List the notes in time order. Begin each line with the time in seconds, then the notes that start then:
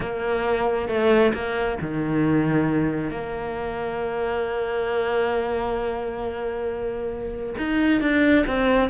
0.00 A#3
0.88 A3
1.33 A#3
1.81 D#3
3.10 A#3
7.58 D#4
8.01 D4
8.46 C4